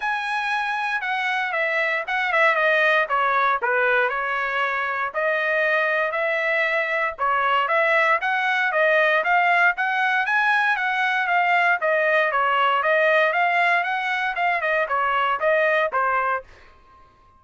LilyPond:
\new Staff \with { instrumentName = "trumpet" } { \time 4/4 \tempo 4 = 117 gis''2 fis''4 e''4 | fis''8 e''8 dis''4 cis''4 b'4 | cis''2 dis''2 | e''2 cis''4 e''4 |
fis''4 dis''4 f''4 fis''4 | gis''4 fis''4 f''4 dis''4 | cis''4 dis''4 f''4 fis''4 | f''8 dis''8 cis''4 dis''4 c''4 | }